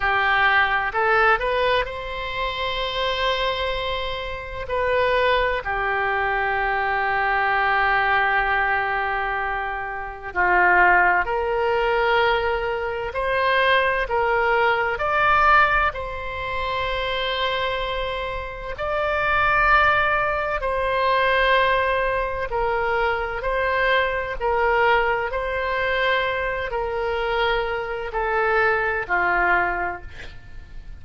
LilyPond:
\new Staff \with { instrumentName = "oboe" } { \time 4/4 \tempo 4 = 64 g'4 a'8 b'8 c''2~ | c''4 b'4 g'2~ | g'2. f'4 | ais'2 c''4 ais'4 |
d''4 c''2. | d''2 c''2 | ais'4 c''4 ais'4 c''4~ | c''8 ais'4. a'4 f'4 | }